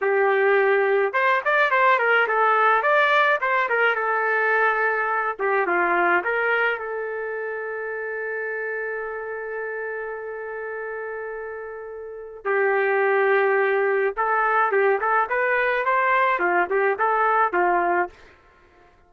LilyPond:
\new Staff \with { instrumentName = "trumpet" } { \time 4/4 \tempo 4 = 106 g'2 c''8 d''8 c''8 ais'8 | a'4 d''4 c''8 ais'8 a'4~ | a'4. g'8 f'4 ais'4 | a'1~ |
a'1~ | a'2 g'2~ | g'4 a'4 g'8 a'8 b'4 | c''4 f'8 g'8 a'4 f'4 | }